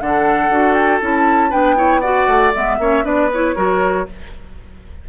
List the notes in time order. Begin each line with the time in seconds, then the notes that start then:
0.00 D3 D4 A4 F#5
0.49 D4 F#4
0.74 G5
1.01 C#4 E4 A5
1.50 B3 D4 B4 G5
1.76 E4 C#5
2.00 F#4 D5 F#5
2.27 A3
2.54 G#3 B3 E5
2.78 A#3 C#4 C#5
3.03 B3 D4 B4 D5
3.33 E4 C#5
3.55 F#3 F#4 A#4